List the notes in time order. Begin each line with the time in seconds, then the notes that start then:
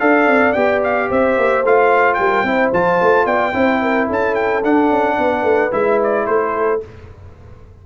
0.00 D4 A4 D5 F5
0.27 C4
0.52 B3 G4 G5
0.83 F5
1.09 C4 C5 E5
1.37 A#3
1.64 A3 F4 F5
2.14 G3 A#4 G5
2.43 C4 E4 C5
2.73 F3 F4 A5
3.01 A3
3.26 B3 D5 G5
3.53 C4 E4 C5
3.82 A#4
4.07 C#4 A4 A5
4.35 G5
4.64 D4 F#5
4.90 C#4
5.17 B3 B4
5.43 A3
5.71 G#3 E4 E5
6.03 D5
6.26 A3 A4 C5